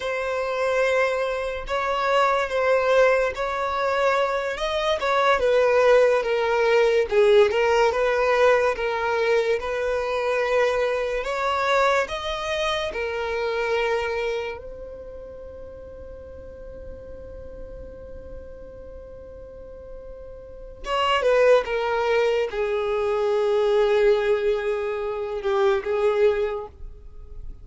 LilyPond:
\new Staff \with { instrumentName = "violin" } { \time 4/4 \tempo 4 = 72 c''2 cis''4 c''4 | cis''4. dis''8 cis''8 b'4 ais'8~ | ais'8 gis'8 ais'8 b'4 ais'4 b'8~ | b'4. cis''4 dis''4 ais'8~ |
ais'4. c''2~ c''8~ | c''1~ | c''4 cis''8 b'8 ais'4 gis'4~ | gis'2~ gis'8 g'8 gis'4 | }